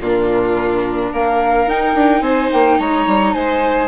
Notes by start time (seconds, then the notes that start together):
0.00 A#2 D4 F4 A#4
1.12 A#3 A#4 F5
1.66 D#4 G5
1.94 D4
2.21 C4 C5 G#5
2.51 A#3 G5
2.79 G#3 C#5 A#5
3.06 G3
3.33 G#3 C5 G#5